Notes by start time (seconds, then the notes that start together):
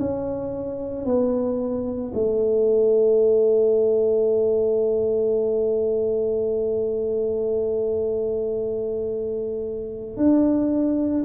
0.00 C#4
1.06 B3
2.14 A3
10.17 D4